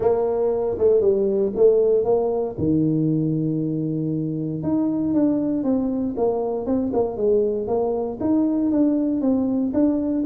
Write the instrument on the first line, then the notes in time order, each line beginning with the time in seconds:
tuba
0.00 A#3
0.78 A3
1.00 G3
1.55 A3
2.04 A#3
2.58 D#3
4.62 D#4
5.14 D4
5.63 C4
6.17 A#3
6.66 C4
6.93 A#3
7.17 G#3
7.67 A#3
8.20 D#4
8.71 D4
9.21 C4
9.73 D4